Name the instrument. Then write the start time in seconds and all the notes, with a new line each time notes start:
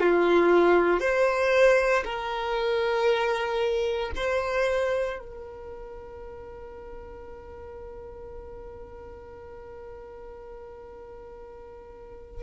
violin
0.00 F4
1.00 C5
2.04 A#4
4.16 C5
5.19 A#4